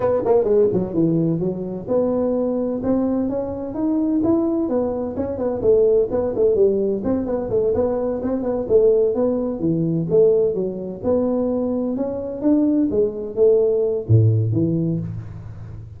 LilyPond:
\new Staff \with { instrumentName = "tuba" } { \time 4/4 \tempo 4 = 128 b8 ais8 gis8 fis8 e4 fis4 | b2 c'4 cis'4 | dis'4 e'4 b4 cis'8 b8 | a4 b8 a8 g4 c'8 b8 |
a8 b4 c'8 b8 a4 b8~ | b8 e4 a4 fis4 b8~ | b4. cis'4 d'4 gis8~ | gis8 a4. a,4 e4 | }